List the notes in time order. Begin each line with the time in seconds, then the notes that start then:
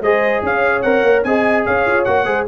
0.00 G#3 G#4 C5 D#5
0.42 C#4 C#5 F5
0.81 C4 A#4 F#5
1.02 A#3
1.23 C4 G#4 D#5 G#5
1.65 C#4 C#5 F5
1.86 F4
2.04 A#3 F#4 F#5
2.25 G#3 G#4 C5